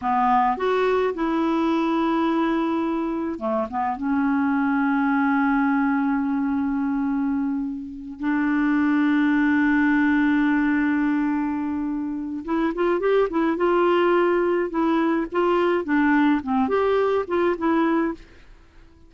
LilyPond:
\new Staff \with { instrumentName = "clarinet" } { \time 4/4 \tempo 4 = 106 b4 fis'4 e'2~ | e'2 a8 b8 cis'4~ | cis'1~ | cis'2~ cis'8 d'4.~ |
d'1~ | d'2 e'8 f'8 g'8 e'8 | f'2 e'4 f'4 | d'4 c'8 g'4 f'8 e'4 | }